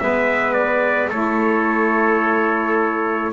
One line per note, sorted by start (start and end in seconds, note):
0.00 1.11 G#3
0.00 1.11 B3
0.00 1.10 B4
0.00 0.53 E5
0.53 1.09 D5
1.10 3.33 A3
1.10 3.33 E4
1.10 3.32 A4
1.10 3.33 C#5